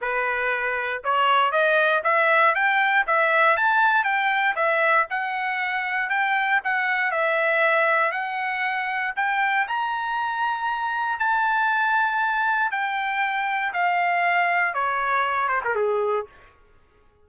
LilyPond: \new Staff \with { instrumentName = "trumpet" } { \time 4/4 \tempo 4 = 118 b'2 cis''4 dis''4 | e''4 g''4 e''4 a''4 | g''4 e''4 fis''2 | g''4 fis''4 e''2 |
fis''2 g''4 ais''4~ | ais''2 a''2~ | a''4 g''2 f''4~ | f''4 cis''4. c''16 ais'16 gis'4 | }